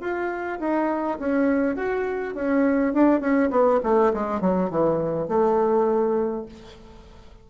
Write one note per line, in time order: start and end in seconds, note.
0.00 0.59 F4
0.59 1.18 D#4
1.19 1.76 C#4
1.76 2.34 F#4
2.34 2.93 C#4
2.93 3.20 D4
3.20 3.50 C#4
3.50 3.80 B3
3.83 4.13 A3
4.14 4.41 G#3
4.41 4.70 F#3
4.70 5.28 E3
5.28 6.45 A3